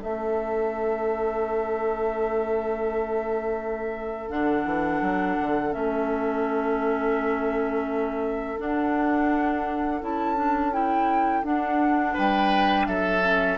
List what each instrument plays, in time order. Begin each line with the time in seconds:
0.00 bassoon A3, clarinet C#4, oboe A4, flute E5
4.29 bassoon D3, clarinet D4, flute F#5
4.65 bassoon E3
5.01 bassoon F#3
5.40 bassoon D3
5.71 bassoon A3, clarinet C#4, flute E5
8.57 clarinet D4, bassoon D4, flute F#5
10.01 bassoon C#4, clarinet E4, flute A5
10.36 clarinet D4
10.72 clarinet E4, flute G5
11.43 bassoon D4, clarinet D4, flute F#5
12.14 bassoon G3, oboe B4, flute G5
12.86 bassoon F#3, oboe A4, flute E5
13.23 clarinet C#4